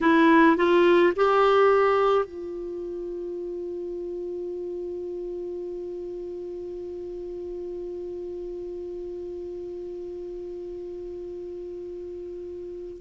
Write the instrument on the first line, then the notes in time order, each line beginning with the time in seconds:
clarinet
0.00 E4
0.57 F4
1.16 G4
2.25 F4